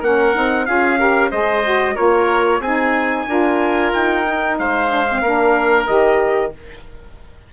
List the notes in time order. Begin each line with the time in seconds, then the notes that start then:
0.00 A#3 C#4 A#4 F#5
0.34 C4 D#4
0.66 C#4 F4 G#4 F5
0.98 G4 A#4
1.31 G#3 G#4 C5 D#5
1.64 F#4
1.95 A#3 F4 A#4 C#5
2.60 C4 D#4 G#4 G#5
3.28 D4 F4 A#4
3.93 D#4 G5
4.24 D#4
4.59 G#3 C5 F5
4.89 D4
5.10 C4
5.22 A#3 D4 A#4
5.87 D#3 G4 D#5